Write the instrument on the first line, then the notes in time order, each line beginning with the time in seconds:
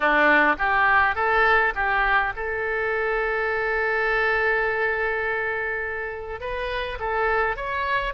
oboe
0.00 D4
0.58 G4
1.15 A4
1.74 G4
2.35 A4
6.40 B4
6.99 A4
7.56 C#5